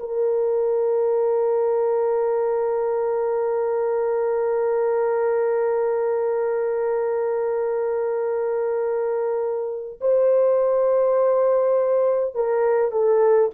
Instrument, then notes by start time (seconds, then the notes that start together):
horn
0.00 A#4
10.01 C5
12.35 A#4
12.92 A4